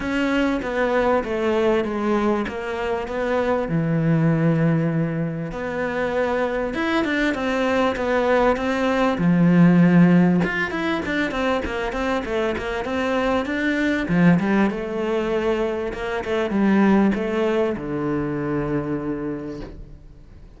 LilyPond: \new Staff \with { instrumentName = "cello" } { \time 4/4 \tempo 4 = 98 cis'4 b4 a4 gis4 | ais4 b4 e2~ | e4 b2 e'8 d'8 | c'4 b4 c'4 f4~ |
f4 f'8 e'8 d'8 c'8 ais8 c'8 | a8 ais8 c'4 d'4 f8 g8 | a2 ais8 a8 g4 | a4 d2. | }